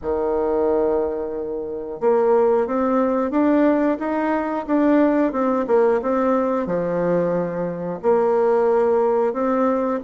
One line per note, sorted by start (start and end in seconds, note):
0.02 2.00 D#3
2.00 2.67 A#3
2.67 3.30 C4
3.30 3.97 D4
3.98 4.65 D#4
4.66 5.32 D4
5.32 5.65 C4
5.67 6.00 A#3
6.02 6.66 C4
6.66 7.99 F3
8.02 9.33 A#3
9.33 9.99 C4